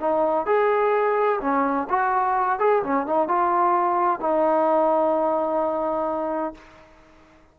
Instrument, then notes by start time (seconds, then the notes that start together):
trombone
0.00 D#4
0.46 G#4
1.41 C#4
1.89 F#4
2.59 G#4
2.83 C#4
3.06 D#4
3.28 F4
4.20 D#4